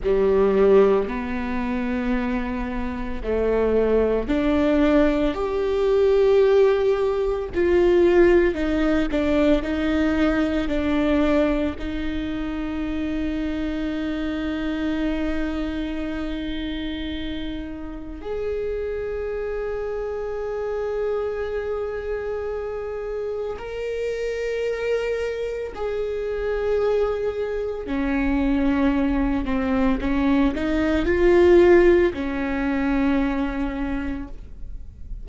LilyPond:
\new Staff \with { instrumentName = "viola" } { \time 4/4 \tempo 4 = 56 g4 b2 a4 | d'4 g'2 f'4 | dis'8 d'8 dis'4 d'4 dis'4~ | dis'1~ |
dis'4 gis'2.~ | gis'2 ais'2 | gis'2 cis'4. c'8 | cis'8 dis'8 f'4 cis'2 | }